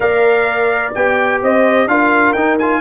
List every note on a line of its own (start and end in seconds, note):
0.00 0.93 A#3
0.00 0.93 A#4
0.00 1.40 D5
0.00 0.93 F5
0.94 1.42 B3
0.94 1.88 G4
0.94 1.41 G5
1.42 1.87 C4
1.42 1.89 C5
1.42 1.88 D#5
1.87 2.34 D4
1.87 2.35 F4
1.87 2.80 A#4
1.87 2.32 F5
2.32 2.80 D#4
2.32 2.59 D#4
2.32 2.56 G5
2.58 2.80 F4
2.58 2.80 G#5